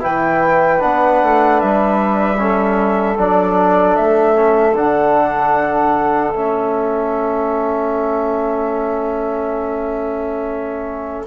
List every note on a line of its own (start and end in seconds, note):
0.00 0.83 E3
0.00 0.79 E4
0.00 2.39 B4
0.00 0.82 G5
0.79 1.22 B3
0.79 2.37 D4
0.79 1.60 F#5
1.23 1.62 A3
1.60 3.18 G3
1.60 3.18 E5
2.39 3.18 C#4
2.39 11.27 A4
3.18 3.97 F#3
3.18 4.35 D4
3.18 3.96 D5
3.96 4.76 A3
3.96 4.75 E5
4.35 4.74 C#4
4.76 6.34 D3
4.76 6.34 D4
4.76 6.32 F#5
6.32 11.27 A3
6.32 11.27 C#4
6.32 11.25 E5